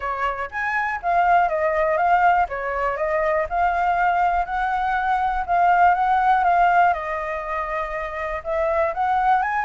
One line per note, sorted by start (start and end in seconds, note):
0.00 0.49 C#5
0.50 1.00 G#5
1.02 1.48 F5
1.48 1.97 D#5
1.97 2.47 F5
2.48 2.96 C#5
2.96 3.46 D#5
3.49 4.45 F5
4.45 5.45 F#5
5.46 5.94 F5
5.94 6.43 F#5
6.44 6.93 F5
6.93 8.42 D#5
8.43 8.93 E5
8.94 9.42 F#5
9.42 9.64 G#5